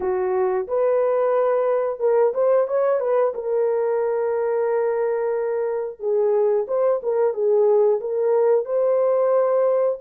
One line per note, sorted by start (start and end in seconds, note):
0.00 0.67 F#4
0.67 1.99 B4
1.99 2.33 A#4
2.34 2.67 C5
2.67 3.00 C#5
3.00 3.33 B4
3.34 5.99 A#4
5.99 6.66 G#4
6.67 7.00 C5
7.02 7.33 A#4
7.33 8.00 G#4
8.00 8.65 A#4
8.65 9.98 C5